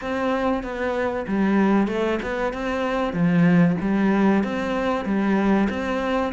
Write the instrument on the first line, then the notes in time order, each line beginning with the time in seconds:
cello
0.01 C4
0.63 B3
1.27 G3
1.87 A3
2.22 B3
2.53 C4
3.13 F3
3.80 G3
4.43 C4
5.05 G3
5.69 C4